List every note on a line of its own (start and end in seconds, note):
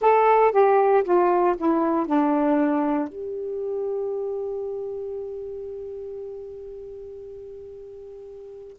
0.00 0.51 A4
0.51 1.03 G4
1.03 1.55 F4
1.57 2.06 E4
2.06 3.08 D4
3.08 8.77 G4